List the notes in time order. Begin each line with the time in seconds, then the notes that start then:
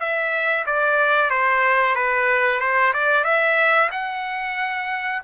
0.00 E5
0.67 D5
1.31 C5
1.96 B4
2.61 C5
2.94 D5
3.25 E5
3.92 F#5